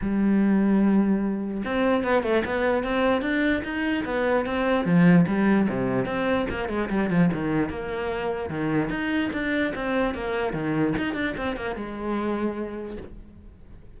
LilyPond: \new Staff \with { instrumentName = "cello" } { \time 4/4 \tempo 4 = 148 g1 | c'4 b8 a8 b4 c'4 | d'4 dis'4 b4 c'4 | f4 g4 c4 c'4 |
ais8 gis8 g8 f8 dis4 ais4~ | ais4 dis4 dis'4 d'4 | c'4 ais4 dis4 dis'8 d'8 | c'8 ais8 gis2. | }